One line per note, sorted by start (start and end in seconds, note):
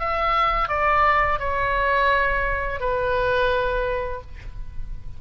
0.00 0.69 E5
0.69 1.39 D5
1.40 2.80 C#5
2.80 4.22 B4